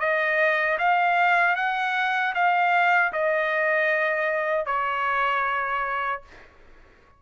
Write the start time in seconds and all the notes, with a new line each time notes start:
0.00 D#5
0.79 F5
1.56 F#5
2.34 F5
3.13 D#5
4.66 C#5